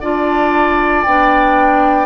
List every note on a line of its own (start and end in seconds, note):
0.00 1.05 D4
0.00 1.06 F4
0.00 2.06 D5
0.00 1.02 A5
1.02 2.06 B3
1.02 2.06 D4
1.02 2.06 G5